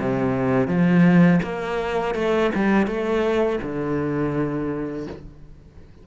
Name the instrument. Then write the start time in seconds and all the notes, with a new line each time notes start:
cello
0.00 C3
0.68 F3
1.43 A#3
2.15 A3
2.55 G3
2.87 A3
3.62 D3